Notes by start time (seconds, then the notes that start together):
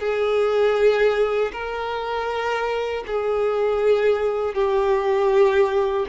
0.00 G#4
1.53 A#4
3.07 G#4
4.55 G4